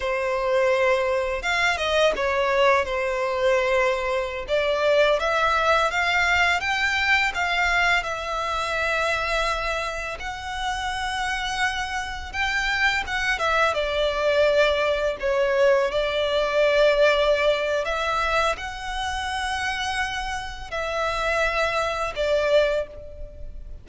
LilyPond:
\new Staff \with { instrumentName = "violin" } { \time 4/4 \tempo 4 = 84 c''2 f''8 dis''8 cis''4 | c''2~ c''16 d''4 e''8.~ | e''16 f''4 g''4 f''4 e''8.~ | e''2~ e''16 fis''4.~ fis''16~ |
fis''4~ fis''16 g''4 fis''8 e''8 d''8.~ | d''4~ d''16 cis''4 d''4.~ d''16~ | d''4 e''4 fis''2~ | fis''4 e''2 d''4 | }